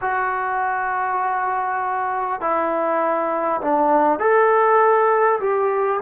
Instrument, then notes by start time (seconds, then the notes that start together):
trombone
0.01 F#4
2.40 E4
3.61 D4
4.19 A4
5.39 G4